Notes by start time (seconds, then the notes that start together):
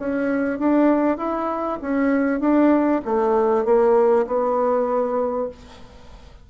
0.00 C#4
0.59 D4
1.18 E4
1.82 C#4
2.41 D4
3.06 A3
3.65 A#3
4.27 B3